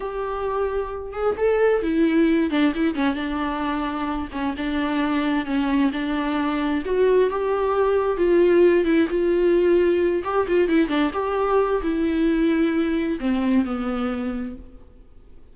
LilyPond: \new Staff \with { instrumentName = "viola" } { \time 4/4 \tempo 4 = 132 g'2~ g'8 gis'8 a'4 | e'4. d'8 e'8 cis'8 d'4~ | d'4. cis'8 d'2 | cis'4 d'2 fis'4 |
g'2 f'4. e'8 | f'2~ f'8 g'8 f'8 e'8 | d'8 g'4. e'2~ | e'4 c'4 b2 | }